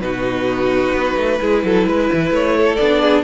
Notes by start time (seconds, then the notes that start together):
0.00 B2 D#4 F#4 B4
0.93 B3
1.16 A3
1.39 G#3 E4 G#4
1.64 F#3 A4
1.86 G#3 B4
2.12 E3
2.30 A3 C#5
2.56 A4
2.76 B3 D4 D5
3.01 G#4